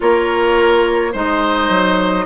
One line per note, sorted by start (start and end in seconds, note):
0.00 1.14 A#3
0.00 1.13 F4
0.00 1.12 A#4
0.00 1.13 C#5
1.12 1.69 G#3
1.12 2.25 D#4
1.12 2.25 C5
1.12 2.25 D#5
1.69 2.25 F#3